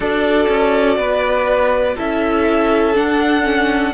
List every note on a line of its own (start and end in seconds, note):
0.00 0.47 D4
0.00 1.97 F#4
0.00 0.98 A4
0.00 1.97 D5
0.48 0.97 C#4
0.97 1.95 B3
0.97 1.95 B4
1.95 2.97 C#4
1.95 2.94 E4
1.95 3.92 A4
1.95 2.95 E5
2.94 3.43 D4
2.94 3.94 D4
2.94 3.94 F#5
3.43 3.92 C#4